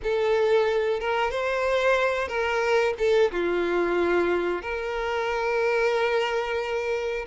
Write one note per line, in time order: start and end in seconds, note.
0.03 1.00 A4
1.00 1.30 A#4
1.30 2.28 C5
2.28 2.94 A#4
2.98 3.31 A4
3.31 4.62 F4
4.62 7.25 A#4